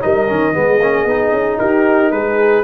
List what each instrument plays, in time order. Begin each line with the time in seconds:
0.00 tuba G3, trombone D#4, horn A#4, trumpet D#5
0.27 tuba D#3, trombone C#4
0.53 tuba G#3, trombone B3, horn G#4
0.80 tuba A#3, trombone C#4
1.04 tuba B3, trombone D#4
1.32 tuba C#4
1.58 tuba D#4, horn G4, trumpet A#4
2.11 tuba G#3, horn G#4, trumpet B4